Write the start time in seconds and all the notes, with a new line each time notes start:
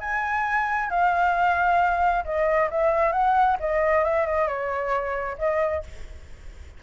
0.00 G#5
0.90 F5
2.24 D#5
2.70 E5
3.12 F#5
3.60 D#5
4.04 E5
4.26 D#5
4.47 C#5
5.38 D#5